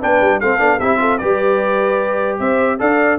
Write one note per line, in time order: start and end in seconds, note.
0.00 0.21 B3
0.00 0.41 D4
0.00 0.40 B4
0.00 0.40 G5
0.21 0.41 G3
0.40 0.59 A3
0.40 0.58 C4
0.40 0.79 A4
0.40 0.80 F5
0.58 0.79 B3
0.58 0.78 D4
0.79 1.21 C4
0.79 0.98 E4
0.79 0.99 G4
0.79 1.18 E5
0.98 1.18 F4
0.98 1.20 A4
1.18 2.40 G3
1.18 2.79 G4
1.18 2.40 B4
1.18 2.38 D5
2.39 2.80 C4
2.39 2.80 C5
2.39 2.79 E5
2.79 3.19 D4
2.79 3.19 A4
2.79 3.19 D5
2.79 3.19 F5